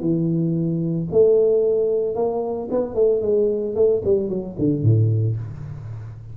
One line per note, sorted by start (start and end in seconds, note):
0.00 1.07 E3
1.12 2.15 A3
2.15 2.69 A#3
2.70 2.95 B3
2.95 3.21 A3
3.21 3.75 G#3
3.75 4.02 A3
4.04 4.29 G3
4.29 4.56 F#3
4.58 4.82 D3
4.82 5.36 A2